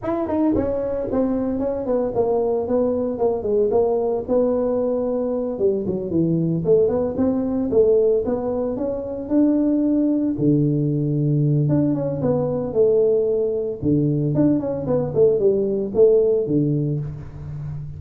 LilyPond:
\new Staff \with { instrumentName = "tuba" } { \time 4/4 \tempo 4 = 113 e'8 dis'8 cis'4 c'4 cis'8 b8 | ais4 b4 ais8 gis8 ais4 | b2~ b8 g8 fis8 e8~ | e8 a8 b8 c'4 a4 b8~ |
b8 cis'4 d'2 d8~ | d2 d'8 cis'8 b4 | a2 d4 d'8 cis'8 | b8 a8 g4 a4 d4 | }